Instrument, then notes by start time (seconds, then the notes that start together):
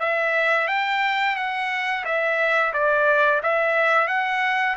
trumpet
0.00 E5
0.68 G5
1.36 F#5
2.05 E5
2.73 D5
3.43 E5
4.08 F#5